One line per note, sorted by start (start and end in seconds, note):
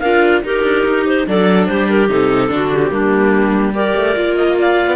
0.00 0.44 D4
0.00 0.43 F4
0.00 0.43 A#4
0.00 0.41 F5
0.43 1.26 D#4
0.43 0.63 D#4
0.43 1.28 G4
0.43 1.07 A#4
0.63 0.84 D4
0.86 1.28 D#4
1.07 1.28 C5
1.28 1.69 F#3
1.28 2.09 D4
1.28 1.69 A4
1.28 1.67 D5
1.67 2.09 G3
1.67 2.53 G4
1.67 1.88 C5
1.90 2.10 A#4
2.09 2.51 C3
2.09 2.49 D#4
2.09 2.73 A4
2.49 2.91 D3
2.49 2.80 D4
2.49 2.92 F#4
2.73 3.75 G4
2.85 3.95 G3
2.85 3.74 A#3
2.85 2.91 C4
2.92 3.74 D4
3.75 4.16 G4
3.75 4.58 A#4
3.75 4.36 D5
3.96 4.16 A3
4.16 4.88 A#3
4.16 4.97 F4
4.36 4.57 D#5
4.59 4.97 D5
4.59 4.97 F5
4.88 4.97 B3